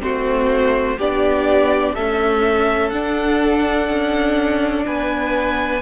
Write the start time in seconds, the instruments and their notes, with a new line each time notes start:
0.00 cello A3, viola C4, violin F#4 C5
0.98 cello B3, viola D4, violin G4 D5
1.94 viola A3, cello C#4, violin A4 E5
2.90 cello D4, viola D4, violin F#5
3.88 cello C#4
4.85 cello B3, violin B4 G#5